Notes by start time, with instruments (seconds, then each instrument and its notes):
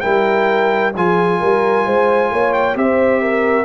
0.00 tuba G3, trombone E4, horn A#4, trumpet G5
0.95 tuba F3, trombone F4, horn G#4, trumpet G#5
1.40 tuba G3, horn A#4
1.85 tuba G#3, horn C5
2.30 tuba A#3, horn C#5
2.53 trumpet G5
2.74 tuba C4, trombone G4, horn C5, trumpet E5
3.21 horn A#4